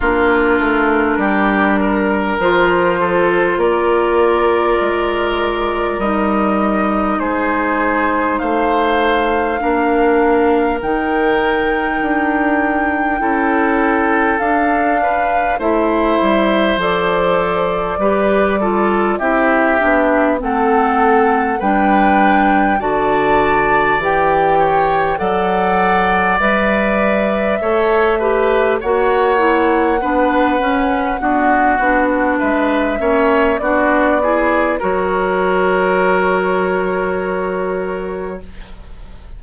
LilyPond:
<<
  \new Staff \with { instrumentName = "flute" } { \time 4/4 \tempo 4 = 50 ais'2 c''4 d''4~ | d''4 dis''4 c''4 f''4~ | f''4 g''2. | f''4 e''4 d''2 |
e''4 fis''4 g''4 a''4 | g''4 fis''4 e''2 | fis''2. e''4 | d''4 cis''2. | }
  \new Staff \with { instrumentName = "oboe" } { \time 4/4 f'4 g'8 ais'4 a'8 ais'4~ | ais'2 gis'4 c''4 | ais'2. a'4~ | a'8 b'8 c''2 b'8 a'8 |
g'4 a'4 b'4 d''4~ | d''8 cis''8 d''2 cis''8 b'8 | cis''4 b'4 fis'4 b'8 cis''8 | fis'8 gis'8 ais'2. | }
  \new Staff \with { instrumentName = "clarinet" } { \time 4/4 d'2 f'2~ | f'4 dis'2. | d'4 dis'2 e'4 | d'4 e'4 a'4 g'8 f'8 |
e'8 d'8 c'4 d'4 fis'4 | g'4 a'4 b'4 a'8 g'8 | fis'8 e'8 d'8 cis'8 b8 d'4 cis'8 | d'8 e'8 fis'2. | }
  \new Staff \with { instrumentName = "bassoon" } { \time 4/4 ais8 a8 g4 f4 ais4 | gis4 g4 gis4 a4 | ais4 dis4 d'4 cis'4 | d'4 a8 g8 f4 g4 |
c'8 b8 a4 g4 d4 | e4 fis4 g4 a4 | ais4 b8 cis'8 d'8 b8 gis8 ais8 | b4 fis2. | }
>>